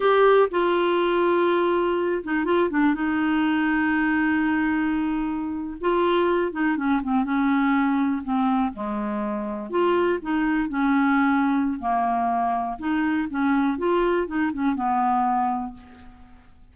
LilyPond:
\new Staff \with { instrumentName = "clarinet" } { \time 4/4 \tempo 4 = 122 g'4 f'2.~ | f'8 dis'8 f'8 d'8 dis'2~ | dis'2.~ dis'8. f'16~ | f'4~ f'16 dis'8 cis'8 c'8 cis'4~ cis'16~ |
cis'8. c'4 gis2 f'16~ | f'8. dis'4 cis'2~ cis'16 | ais2 dis'4 cis'4 | f'4 dis'8 cis'8 b2 | }